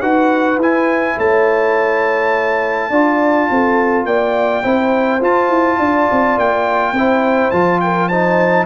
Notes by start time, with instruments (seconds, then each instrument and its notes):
0.00 tuba D#4, trombone F#4, horn B4, trumpet F#5
0.58 tuba E4, trombone E4, trumpet G#5
1.17 tuba A3, horn C#5, trumpet A5
2.90 tuba D4, trombone F4, horn D5
3.50 tuba C4, horn A4
4.05 tuba A#3, horn D5, trumpet G5
4.62 tuba C4, trombone E4, horn C5
5.21 tuba F4, trombone F4, trumpet A5
5.49 tuba E4
5.78 tuba D4, horn D5
6.11 tuba C4
6.37 tuba A#3, trumpet G5
6.92 tuba C4, trombone E4, horn C5
7.50 tuba F3, trombone F4, trumpet A5
7.80 horn A#4, trumpet G5
8.08 trombone D#4, horn C5, trumpet A5